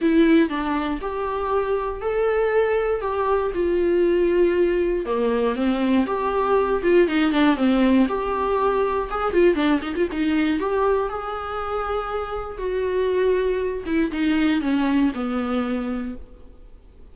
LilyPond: \new Staff \with { instrumentName = "viola" } { \time 4/4 \tempo 4 = 119 e'4 d'4 g'2 | a'2 g'4 f'4~ | f'2 ais4 c'4 | g'4. f'8 dis'8 d'8 c'4 |
g'2 gis'8 f'8 d'8 dis'16 f'16 | dis'4 g'4 gis'2~ | gis'4 fis'2~ fis'8 e'8 | dis'4 cis'4 b2 | }